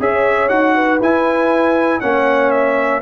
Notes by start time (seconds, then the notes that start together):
0.00 C#4 G#4 C#5 E5
0.49 D#4 F#4 F#5
0.75 B4
1.01 E4 G#5
2.01 A#3 C#4 C#5 F#5
2.51 E5